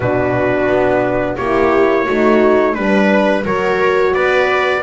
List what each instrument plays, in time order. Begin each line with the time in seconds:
0.00 double bass B2, horn D4, viola F#4, trumpet B4
0.68 double bass B3
1.36 double bass A#3, horn E4, viola G4, trumpet C#5
2.04 double bass A3, horn D#4, viola F#4
2.74 double bass G3, horn D4, trumpet B4, viola B4
3.44 double bass F#3, horn F#4, viola A#4, trumpet C#5
4.14 double bass B3, viola B4, trumpet D5